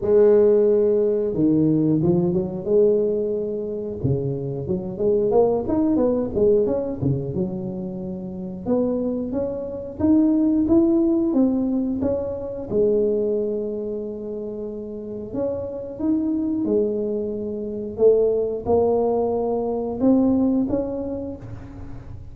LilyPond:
\new Staff \with { instrumentName = "tuba" } { \time 4/4 \tempo 4 = 90 gis2 dis4 f8 fis8 | gis2 cis4 fis8 gis8 | ais8 dis'8 b8 gis8 cis'8 cis8 fis4~ | fis4 b4 cis'4 dis'4 |
e'4 c'4 cis'4 gis4~ | gis2. cis'4 | dis'4 gis2 a4 | ais2 c'4 cis'4 | }